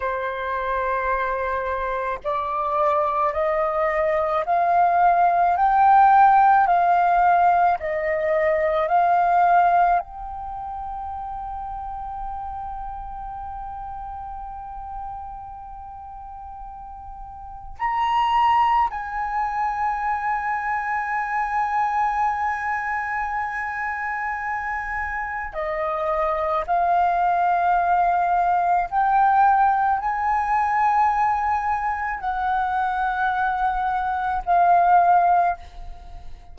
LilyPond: \new Staff \with { instrumentName = "flute" } { \time 4/4 \tempo 4 = 54 c''2 d''4 dis''4 | f''4 g''4 f''4 dis''4 | f''4 g''2.~ | g''1 |
ais''4 gis''2.~ | gis''2. dis''4 | f''2 g''4 gis''4~ | gis''4 fis''2 f''4 | }